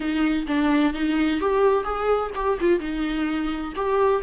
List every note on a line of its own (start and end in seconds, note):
0.00 0.46 D#4
0.47 0.93 D4
0.93 1.40 D#4
1.40 1.83 G4
1.83 2.30 G#4
2.35 2.58 G4
2.60 2.79 F4
2.79 3.73 D#4
3.75 4.22 G4